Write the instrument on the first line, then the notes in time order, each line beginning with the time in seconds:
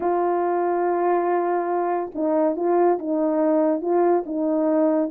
horn
0.00 F4
2.14 D#4
2.55 F4
2.99 D#4
3.81 F4
4.26 D#4